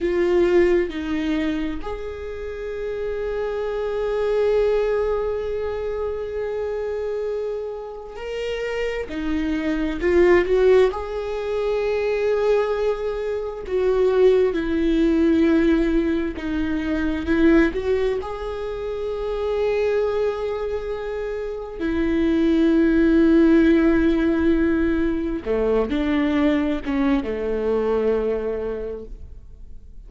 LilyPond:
\new Staff \with { instrumentName = "viola" } { \time 4/4 \tempo 4 = 66 f'4 dis'4 gis'2~ | gis'1~ | gis'4 ais'4 dis'4 f'8 fis'8 | gis'2. fis'4 |
e'2 dis'4 e'8 fis'8 | gis'1 | e'1 | a8 d'4 cis'8 a2 | }